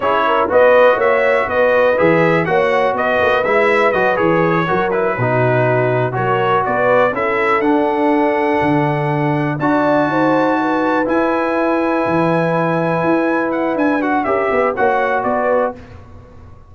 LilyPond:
<<
  \new Staff \with { instrumentName = "trumpet" } { \time 4/4 \tempo 4 = 122 cis''4 dis''4 e''4 dis''4 | e''4 fis''4 dis''4 e''4 | dis''8 cis''4. b'2~ | b'8 cis''4 d''4 e''4 fis''8~ |
fis''2.~ fis''8 a''8~ | a''2~ a''8 gis''4.~ | gis''2.~ gis''8 fis''8 | gis''8 fis''8 e''4 fis''4 d''4 | }
  \new Staff \with { instrumentName = "horn" } { \time 4/4 gis'8 ais'8 b'4 cis''4 b'4~ | b'4 cis''4 b'2~ | b'4. ais'4 fis'4.~ | fis'8 ais'4 b'4 a'4.~ |
a'2.~ a'8 d''8~ | d''8 c''4 b'2~ b'8~ | b'1~ | b'4 ais'8 b'8 cis''4 b'4 | }
  \new Staff \with { instrumentName = "trombone" } { \time 4/4 e'4 fis'2. | gis'4 fis'2 e'4 | fis'8 gis'4 fis'8 e'8 dis'4.~ | dis'8 fis'2 e'4 d'8~ |
d'2.~ d'8 fis'8~ | fis'2~ fis'8 e'4.~ | e'1~ | e'8 fis'8 g'4 fis'2 | }
  \new Staff \with { instrumentName = "tuba" } { \time 4/4 cis'4 b4 ais4 b4 | e4 ais4 b8 ais8 gis4 | fis8 e4 fis4 b,4.~ | b,8 fis4 b4 cis'4 d'8~ |
d'4. d2 d'8~ | d'8 dis'2 e'4.~ | e'8 e2 e'4. | d'4 cis'8 b8 ais4 b4 | }
>>